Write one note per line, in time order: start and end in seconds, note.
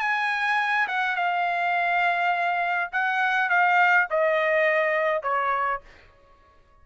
0.00 0.87 G#5
0.88 1.16 F#5
1.16 2.91 F5
2.92 3.49 F#5
3.49 4.08 F5
4.10 5.23 D#5
5.23 5.81 C#5